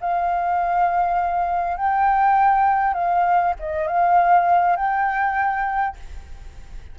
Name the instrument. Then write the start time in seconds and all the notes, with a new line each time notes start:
flute
0.00 F5
1.77 G5
2.93 F5
3.59 D#5
3.87 F5
4.76 G5